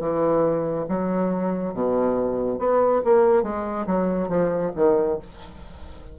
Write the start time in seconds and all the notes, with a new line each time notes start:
0.00 E3
0.89 F#3
1.73 B2
2.59 B3
3.04 A#3
3.43 G#3
3.86 F#3
4.28 F3
4.75 D#3